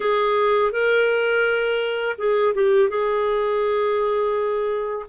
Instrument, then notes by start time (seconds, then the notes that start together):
clarinet
0.00 G#4
0.71 A#4
2.18 G#4
2.54 G4
2.89 G#4